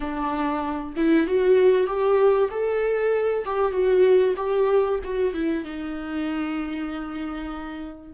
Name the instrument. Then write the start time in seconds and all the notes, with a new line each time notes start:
viola
0.00 D4
0.96 E4
1.26 F#4
1.86 G4
2.51 A4
3.45 G4
3.72 F#4
4.36 G4
5.03 F#4
5.33 E4
5.64 D#4